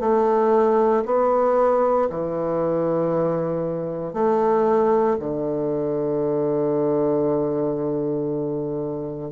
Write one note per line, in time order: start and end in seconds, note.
0.00 1.03 A3
1.05 2.09 B3
2.10 4.13 E3
4.13 5.17 A3
5.19 9.32 D3